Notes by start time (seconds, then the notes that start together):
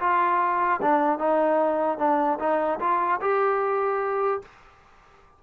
0.00 F4
0.82 D4
1.19 D#4
1.99 D4
2.40 D#4
2.80 F4
3.21 G4